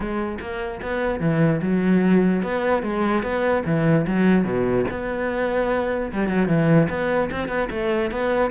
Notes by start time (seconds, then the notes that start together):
0.00 G#3
0.40 A#3
0.81 B3
1.20 E3
1.61 F#3
2.42 B3
2.82 G#3
3.22 B3
3.65 E3
4.06 F#3
4.44 B2
4.90 B3
6.12 G3
6.28 F#3
6.48 E3
6.89 B3
7.31 C4
7.48 B3
7.70 A3
8.11 B3